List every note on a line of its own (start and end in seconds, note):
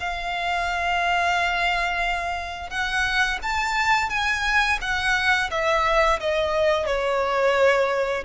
0.00 2.70 F5
2.70 3.39 F#5
3.43 4.10 A5
4.10 4.79 G#5
4.82 5.50 F#5
5.51 6.20 E5
6.20 6.86 D#5
6.86 8.24 C#5